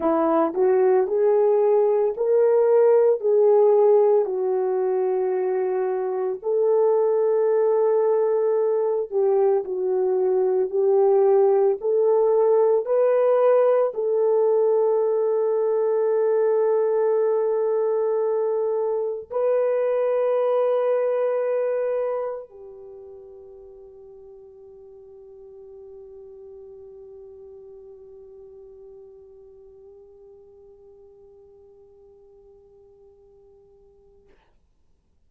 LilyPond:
\new Staff \with { instrumentName = "horn" } { \time 4/4 \tempo 4 = 56 e'8 fis'8 gis'4 ais'4 gis'4 | fis'2 a'2~ | a'8 g'8 fis'4 g'4 a'4 | b'4 a'2.~ |
a'2 b'2~ | b'4 g'2.~ | g'1~ | g'1 | }